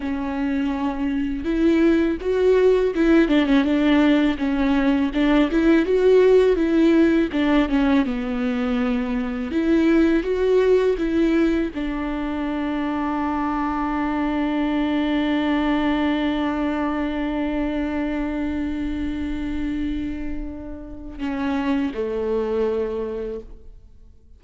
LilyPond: \new Staff \with { instrumentName = "viola" } { \time 4/4 \tempo 4 = 82 cis'2 e'4 fis'4 | e'8 d'16 cis'16 d'4 cis'4 d'8 e'8 | fis'4 e'4 d'8 cis'8 b4~ | b4 e'4 fis'4 e'4 |
d'1~ | d'1~ | d'1~ | d'4 cis'4 a2 | }